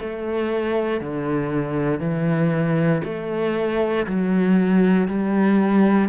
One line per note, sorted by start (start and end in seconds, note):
0.00 1.01 A3
1.01 2.00 D3
2.00 3.02 E3
3.05 4.06 A3
4.07 5.08 F#3
5.08 6.09 G3